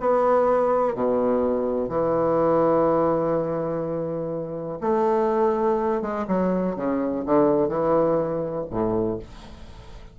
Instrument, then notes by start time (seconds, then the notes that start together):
bassoon
0.00 B3
0.95 B2
1.88 E3
4.81 A3
6.02 G#3
6.27 F#3
6.76 C#3
7.26 D3
7.68 E3
8.70 A2